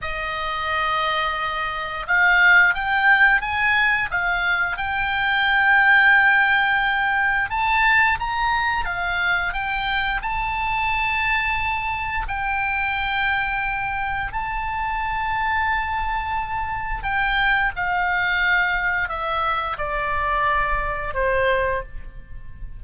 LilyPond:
\new Staff \with { instrumentName = "oboe" } { \time 4/4 \tempo 4 = 88 dis''2. f''4 | g''4 gis''4 f''4 g''4~ | g''2. a''4 | ais''4 f''4 g''4 a''4~ |
a''2 g''2~ | g''4 a''2.~ | a''4 g''4 f''2 | e''4 d''2 c''4 | }